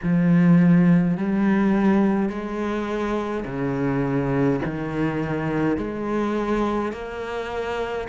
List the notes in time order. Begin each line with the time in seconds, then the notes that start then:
0.03 F3
1.17 G3
2.29 G#3
3.45 C#3
4.65 D#3
5.77 G#3
6.92 A#3